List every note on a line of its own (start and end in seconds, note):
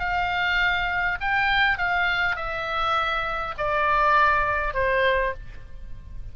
0.00 1.19 F5
1.21 1.78 G5
1.78 2.36 F5
2.36 3.55 E5
3.58 4.74 D5
4.74 5.34 C5